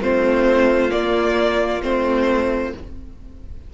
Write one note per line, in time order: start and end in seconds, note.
0.00 0.91 A3
0.00 0.89 C4
0.00 2.73 F4
0.00 0.91 C5
0.89 1.80 A#3
0.89 1.82 A#3
0.89 1.81 D5
1.82 2.73 A3
1.82 2.73 C4
1.82 2.74 C5